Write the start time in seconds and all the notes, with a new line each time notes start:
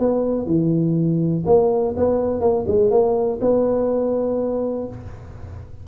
0.00 B3
0.47 E3
1.46 A#3
1.97 B3
2.41 A#3
2.68 G#3
2.91 A#3
3.41 B3